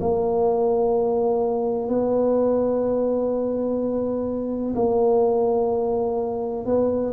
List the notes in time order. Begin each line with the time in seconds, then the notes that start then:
0.00 A#3
1.88 B3
4.75 A#3
6.65 B3